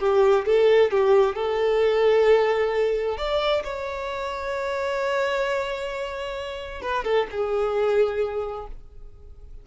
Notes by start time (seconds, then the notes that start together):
0.00 G4
0.46 A4
0.91 G4
1.36 A4
3.18 D5
3.64 C#5
6.82 B4
7.05 A4
7.31 G#4